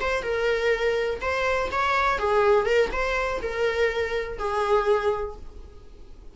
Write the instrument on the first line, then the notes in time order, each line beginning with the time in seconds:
viola
0.00 C5
0.22 A#4
1.21 C5
1.72 C#5
2.18 G#4
2.66 A#4
2.92 C5
3.42 A#4
4.38 G#4